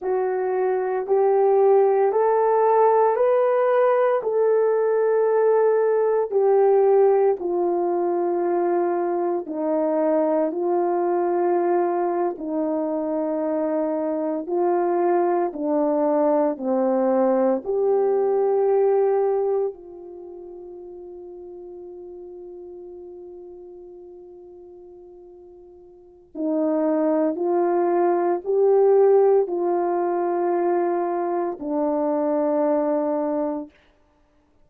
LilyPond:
\new Staff \with { instrumentName = "horn" } { \time 4/4 \tempo 4 = 57 fis'4 g'4 a'4 b'4 | a'2 g'4 f'4~ | f'4 dis'4 f'4.~ f'16 dis'16~ | dis'4.~ dis'16 f'4 d'4 c'16~ |
c'8. g'2 f'4~ f'16~ | f'1~ | f'4 dis'4 f'4 g'4 | f'2 d'2 | }